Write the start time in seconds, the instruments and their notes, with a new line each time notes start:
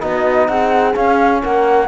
0.00 cello B3, trombone D#4, horn F#4, flute D#5
0.48 cello C4, horn G#4, flute F#5
0.95 trombone C#4, cello C#4, flute F5
1.42 cello A#3, horn A#4, flute F#5